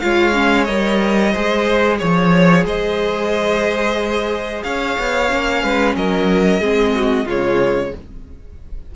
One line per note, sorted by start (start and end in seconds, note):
0.00 0.69 G#3
0.00 0.34 F4
0.00 1.32 C#5
0.00 0.65 F5
0.34 0.67 C#4
0.65 1.35 G3
0.65 1.33 A#4
0.65 1.97 D#5
1.32 2.02 G#3
1.32 5.30 G#4
1.32 1.98 C5
1.99 2.66 F3
1.99 2.65 C#5
1.99 2.66 C#5
2.66 4.63 G#3
2.66 4.64 C5
2.66 4.63 D#5
4.63 4.98 C#4
4.63 5.63 C#5
4.63 5.95 F5
4.99 5.32 B3
5.30 5.64 A#3
5.30 6.61 C#4
5.63 5.96 G#3
5.63 5.96 B4
5.96 6.60 F#3
5.96 6.61 A#4
5.96 7.28 D#5
6.60 7.26 G#3
6.60 7.28 C4
6.60 6.94 G#4
6.95 7.26 F#4
7.26 7.92 C#3
7.26 7.94 G#3
7.26 7.92 F4
7.26 7.96 C#5